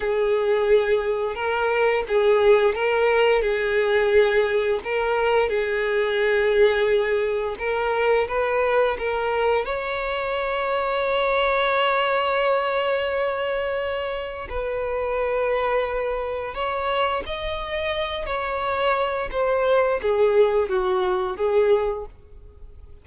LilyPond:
\new Staff \with { instrumentName = "violin" } { \time 4/4 \tempo 4 = 87 gis'2 ais'4 gis'4 | ais'4 gis'2 ais'4 | gis'2. ais'4 | b'4 ais'4 cis''2~ |
cis''1~ | cis''4 b'2. | cis''4 dis''4. cis''4. | c''4 gis'4 fis'4 gis'4 | }